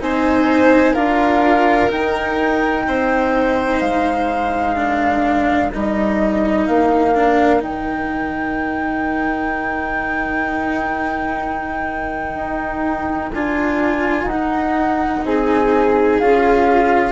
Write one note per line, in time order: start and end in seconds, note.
0.00 0.95 C4
0.00 0.95 D#4
0.00 0.93 C5
0.00 0.94 G#5
0.93 1.90 D4
0.93 1.90 F4
0.93 2.84 A#4
0.93 1.90 F5
1.90 4.76 D#4
1.90 2.86 D#4
1.90 3.80 G5
2.87 3.81 C4
2.87 4.75 C5
3.80 5.72 G#3
3.80 5.71 F5
4.75 5.71 D4
4.75 15.23 A#4
5.73 6.68 G3
5.73 7.15 D#4
5.73 6.67 D#5
6.67 7.62 A#3
6.67 7.62 F5
7.15 7.60 D4
7.60 12.35 D#3
7.60 13.31 D#4
7.60 13.34 G5
12.35 13.30 D#4
13.34 14.24 D4
13.34 14.30 F4
13.34 14.28 G#5
14.24 15.19 D#4
14.24 15.23 F#5
14.31 16.22 D#4
15.25 16.20 C4
15.25 17.12 G#4
15.25 16.19 G#5
16.19 17.12 C#4
16.19 17.12 F4
16.19 17.12 F5